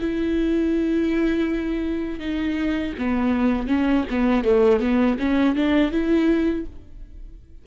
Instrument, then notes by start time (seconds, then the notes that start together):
viola
0.00 E4
2.20 D#4
2.98 B3
3.67 C#4
4.10 B3
4.44 A3
4.80 B3
5.19 C#4
5.56 D4
5.91 E4